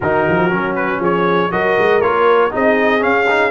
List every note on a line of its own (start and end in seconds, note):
0.00 0.27 D#3
0.00 0.50 D#4
0.00 0.99 F#4
0.00 0.75 A#4
0.28 0.52 F3
0.50 0.99 F#3
0.50 1.50 C#4
0.75 1.00 B4
0.99 1.50 F3
0.99 1.49 G#4
0.99 1.51 C#5
1.50 1.76 F#3
1.50 2.01 F#4
1.50 2.53 A#4
1.50 2.01 D#5
1.78 2.01 G#3
2.01 2.51 A#3
2.01 2.50 F4
2.01 2.51 C#5
2.50 3.04 C4
2.50 2.99 D#4
2.50 3.51 G#4
2.50 3.03 D#5
2.99 3.24 C#4
2.99 3.51 C#4
2.99 3.51 F5
3.29 3.51 D#4